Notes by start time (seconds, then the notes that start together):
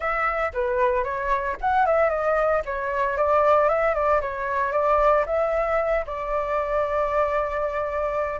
0.00 E5
0.53 B4
1.04 C#5
1.60 F#5
1.86 E5
2.09 D#5
2.65 C#5
3.17 D5
3.68 E5
3.94 D5
4.21 C#5
4.72 D5
5.26 E5
6.06 D5